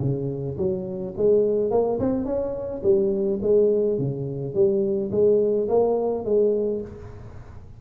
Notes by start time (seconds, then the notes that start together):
0.00 C#3
0.57 F#3
1.17 G#3
1.71 A#3
1.99 C4
2.25 C#4
2.83 G3
3.42 G#3
3.98 C#3
4.54 G3
5.11 G#3
5.68 A#3
6.24 G#3